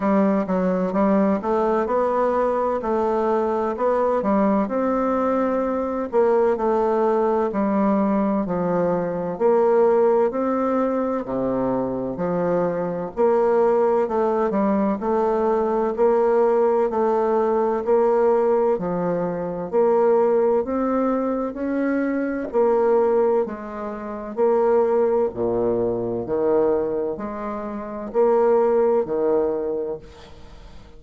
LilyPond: \new Staff \with { instrumentName = "bassoon" } { \time 4/4 \tempo 4 = 64 g8 fis8 g8 a8 b4 a4 | b8 g8 c'4. ais8 a4 | g4 f4 ais4 c'4 | c4 f4 ais4 a8 g8 |
a4 ais4 a4 ais4 | f4 ais4 c'4 cis'4 | ais4 gis4 ais4 ais,4 | dis4 gis4 ais4 dis4 | }